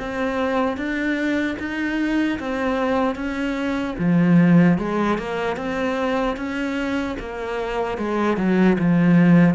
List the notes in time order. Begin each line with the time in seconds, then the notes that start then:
0.00 C4
0.77 D4
1.60 D#4
2.40 C4
3.16 C#4
3.99 F3
4.79 G#3
5.19 A#3
5.57 C4
6.37 C#4
7.20 A#3
7.98 G#3
8.37 F#3
8.79 F3